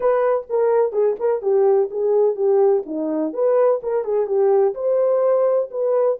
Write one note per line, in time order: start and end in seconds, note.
0.00 0.46 B4
0.49 0.92 A#4
0.92 1.16 G#4
1.19 1.42 A#4
1.42 1.89 G4
1.90 2.35 G#4
2.35 2.83 G4
2.86 3.33 D#4
3.33 3.80 B4
3.82 4.04 A#4
4.04 4.26 G#4
4.26 4.74 G4
4.74 5.69 C5
5.71 6.18 B4